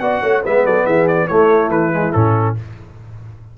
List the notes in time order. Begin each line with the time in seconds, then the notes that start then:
0.00 B3 F#4 D5 F#5
0.23 A3 C#5
0.43 G#3 B3 B4 E5
0.66 F#3 A4 D5
0.86 E3 G#4 E5
1.08 D5
1.28 A3 E4 C#5
1.69 E3 B4
1.93 G#3
2.13 A2 C#4 A4